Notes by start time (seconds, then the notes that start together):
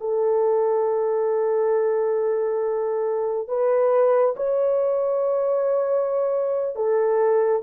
0.00 A4
3.48 B4
4.36 C#5
6.75 A4